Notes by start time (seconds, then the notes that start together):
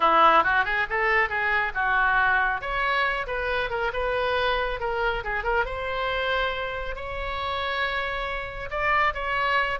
0.00 E4
0.43 F#4
0.64 G#4
0.89 A4
1.29 G#4
1.74 F#4
2.61 C#5
3.26 B4
3.70 A#4
3.93 B4
4.80 A#4
5.24 G#4
5.43 A#4
5.65 C5
6.95 C#5
8.70 D5
9.14 C#5